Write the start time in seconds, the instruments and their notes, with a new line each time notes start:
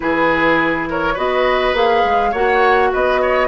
0.00 bassoon E3, clarinet E4, oboe G#4, flute B4
0.90 oboe A#4, flute C#5
1.14 bassoon B3, clarinet F#4, oboe B4, flute D#5
1.73 bassoon A#3, clarinet G#4, flute F5
2.04 bassoon G#3
2.31 bassoon A#3, clarinet F#4, oboe C#5, flute F#5
2.92 bassoon B3, oboe B4, flute D#5
3.21 oboe C#5